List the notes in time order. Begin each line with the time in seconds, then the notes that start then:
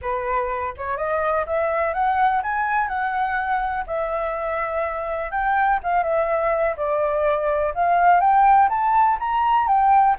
0.01 B4
0.77 C#5
0.97 D#5
1.46 E5
1.93 F#5
2.42 G#5
2.87 F#5
3.86 E5
5.31 G5
5.83 F5
6.03 E5
6.76 D5
7.74 F5
8.20 G5
8.69 A5
9.19 A#5
9.67 G5